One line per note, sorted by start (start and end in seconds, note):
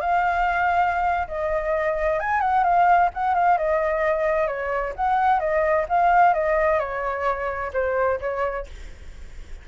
0.00 1.27 F5
1.27 2.19 D#5
2.19 2.40 G#5
2.40 2.63 F#5
2.63 3.09 F5
3.14 3.34 F#5
3.34 3.57 F5
3.57 4.47 D#5
4.47 4.93 C#5
4.96 5.39 F#5
5.39 5.85 D#5
5.89 6.33 F5
6.33 6.79 D#5
6.79 7.71 C#5
7.73 8.19 C5
8.20 8.66 C#5